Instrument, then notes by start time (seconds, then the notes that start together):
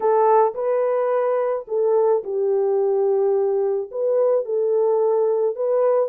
horn
0.00 A4
0.54 B4
1.67 A4
2.23 G4
3.91 B4
4.45 A4
5.55 B4